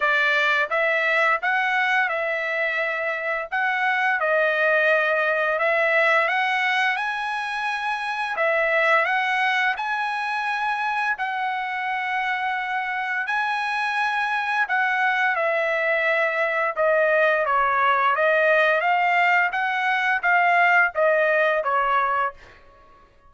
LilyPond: \new Staff \with { instrumentName = "trumpet" } { \time 4/4 \tempo 4 = 86 d''4 e''4 fis''4 e''4~ | e''4 fis''4 dis''2 | e''4 fis''4 gis''2 | e''4 fis''4 gis''2 |
fis''2. gis''4~ | gis''4 fis''4 e''2 | dis''4 cis''4 dis''4 f''4 | fis''4 f''4 dis''4 cis''4 | }